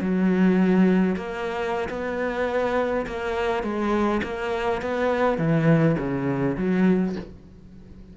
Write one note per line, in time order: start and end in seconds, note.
0.00 1.16 F#3
1.16 1.89 A#3
1.89 3.06 B3
3.06 3.63 A#3
3.63 4.21 G#3
4.23 4.81 A#3
4.81 5.38 B3
5.38 5.96 E3
5.98 6.56 C#3
6.57 7.15 F#3